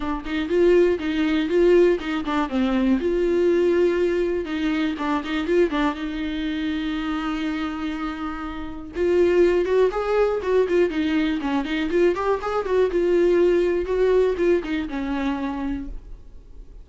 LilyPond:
\new Staff \with { instrumentName = "viola" } { \time 4/4 \tempo 4 = 121 d'8 dis'8 f'4 dis'4 f'4 | dis'8 d'8 c'4 f'2~ | f'4 dis'4 d'8 dis'8 f'8 d'8 | dis'1~ |
dis'2 f'4. fis'8 | gis'4 fis'8 f'8 dis'4 cis'8 dis'8 | f'8 g'8 gis'8 fis'8 f'2 | fis'4 f'8 dis'8 cis'2 | }